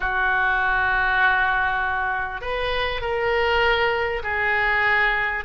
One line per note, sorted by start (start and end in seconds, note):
0.00 2.41 F#4
2.41 3.01 B4
3.01 4.22 A#4
4.23 5.44 G#4